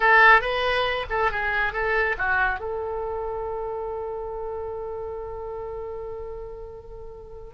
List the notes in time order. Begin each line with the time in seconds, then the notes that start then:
0.00 A4
0.41 B4
1.09 A4
1.31 G#4
1.72 A4
2.17 F#4
2.59 A4